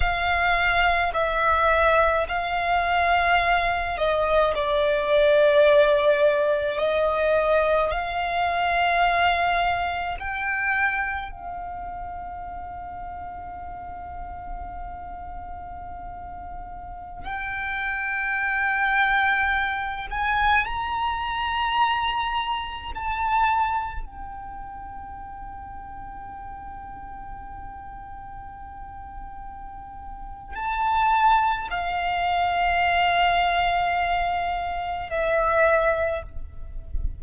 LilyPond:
\new Staff \with { instrumentName = "violin" } { \time 4/4 \tempo 4 = 53 f''4 e''4 f''4. dis''8 | d''2 dis''4 f''4~ | f''4 g''4 f''2~ | f''2.~ f''16 g''8.~ |
g''4.~ g''16 gis''8 ais''4.~ ais''16~ | ais''16 a''4 g''2~ g''8.~ | g''2. a''4 | f''2. e''4 | }